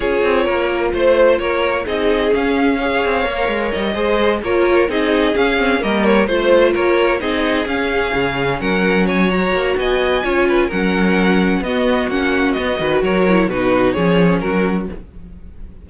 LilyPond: <<
  \new Staff \with { instrumentName = "violin" } { \time 4/4 \tempo 4 = 129 cis''2 c''4 cis''4 | dis''4 f''2. | dis''4. cis''4 dis''4 f''8~ | f''8 dis''8 cis''8 c''4 cis''4 dis''8~ |
dis''8 f''2 fis''4 gis''8 | ais''4 gis''2 fis''4~ | fis''4 dis''4 fis''4 dis''4 | cis''4 b'4 cis''4 ais'4 | }
  \new Staff \with { instrumentName = "violin" } { \time 4/4 gis'4 ais'4 c''4 ais'4 | gis'2 cis''2~ | cis''8 c''4 ais'4 gis'4.~ | gis'8 ais'4 c''4 ais'4 gis'8~ |
gis'2~ gis'8 ais'4 cis''8~ | cis''4 dis''4 cis''8 b'8 ais'4~ | ais'4 fis'2~ fis'8 b'8 | ais'4 fis'4 gis'4 fis'4 | }
  \new Staff \with { instrumentName = "viola" } { \time 4/4 f'1 | dis'4 cis'4 gis'4 ais'4~ | ais'8 gis'4 f'4 dis'4 cis'8 | c'8 ais4 f'2 dis'8~ |
dis'8 cis'2.~ cis'8 | fis'2 f'4 cis'4~ | cis'4 b4 cis'4 b8 fis'8~ | fis'8 e'8 dis'4 cis'2 | }
  \new Staff \with { instrumentName = "cello" } { \time 4/4 cis'8 c'8 ais4 a4 ais4 | c'4 cis'4. c'8 ais8 gis8 | g8 gis4 ais4 c'4 cis'8~ | cis'8 g4 a4 ais4 c'8~ |
c'8 cis'4 cis4 fis4.~ | fis8 ais8 b4 cis'4 fis4~ | fis4 b4 ais4 b8 dis8 | fis4 b,4 f4 fis4 | }
>>